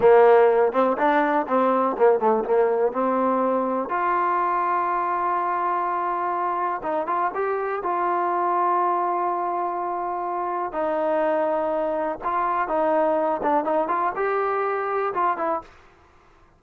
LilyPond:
\new Staff \with { instrumentName = "trombone" } { \time 4/4 \tempo 4 = 123 ais4. c'8 d'4 c'4 | ais8 a8 ais4 c'2 | f'1~ | f'2 dis'8 f'8 g'4 |
f'1~ | f'2 dis'2~ | dis'4 f'4 dis'4. d'8 | dis'8 f'8 g'2 f'8 e'8 | }